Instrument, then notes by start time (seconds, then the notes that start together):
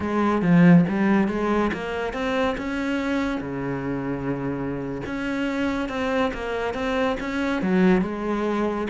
cello
0.00 G#3
0.42 F3
0.89 G3
1.28 G#3
1.73 A#3
2.13 C4
2.57 C#4
3.41 C#3
5.06 C#4
5.88 C4
6.33 A#3
6.74 C4
7.20 C#4
7.61 F#3
8.01 G#3